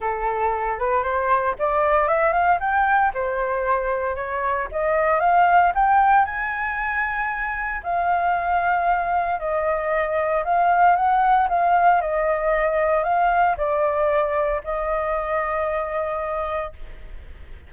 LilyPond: \new Staff \with { instrumentName = "flute" } { \time 4/4 \tempo 4 = 115 a'4. b'8 c''4 d''4 | e''8 f''8 g''4 c''2 | cis''4 dis''4 f''4 g''4 | gis''2. f''4~ |
f''2 dis''2 | f''4 fis''4 f''4 dis''4~ | dis''4 f''4 d''2 | dis''1 | }